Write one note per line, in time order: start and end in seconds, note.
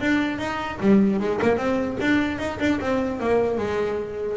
0.00 0.39 D4
0.39 0.79 D#4
0.80 1.20 G3
1.20 1.40 G#3
1.42 1.57 A#3
1.57 1.97 C4
2.00 2.39 D4
2.39 2.59 D#4
2.60 2.80 D4
2.80 3.20 C4
3.20 3.58 A#3
3.58 4.37 G#3